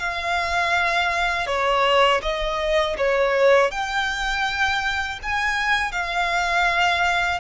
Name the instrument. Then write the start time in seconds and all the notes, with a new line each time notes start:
violin
0.00 F5
1.47 C#5
2.23 D#5
2.98 C#5
3.72 G5
5.23 G#5
5.92 F5